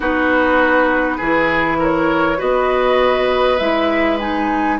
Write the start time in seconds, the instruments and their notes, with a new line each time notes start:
0.00 bassoon B3, clarinet D#4, oboe F#4, flute B4
1.17 bassoon E3, clarinet E4, oboe G#4
1.79 oboe A#4, flute C#5
2.37 bassoon B3, clarinet F#4, oboe B4, flute D#5
3.58 bassoon G#3, clarinet E4, flute E5
4.19 clarinet D#4, flute G#5